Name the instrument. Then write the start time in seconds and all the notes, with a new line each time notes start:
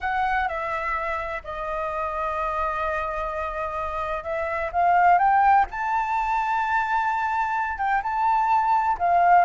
flute
0.00 F#5
0.47 E5
1.43 D#5
4.23 E5
4.72 F5
5.18 G5
5.70 A5
7.78 G5
8.02 A5
8.98 F5